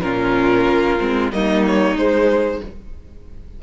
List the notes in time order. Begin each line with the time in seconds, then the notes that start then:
0.00 A#2 C#4 F4 A#4
0.67 A#3
0.99 G#3 C4
1.32 G3 A#3 D#4 D#5
1.66 C#5
1.95 G#3 C5